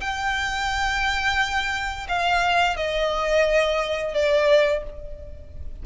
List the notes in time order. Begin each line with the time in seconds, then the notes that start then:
0.00 G5
2.08 F5
2.76 D#5
4.14 D5